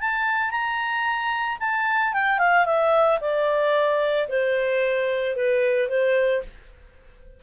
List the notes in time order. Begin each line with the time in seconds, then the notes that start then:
0.00 A5
0.50 A#5
1.60 A5
2.13 G5
2.38 F5
2.65 E5
3.20 D5
4.28 C5
5.36 B4
5.88 C5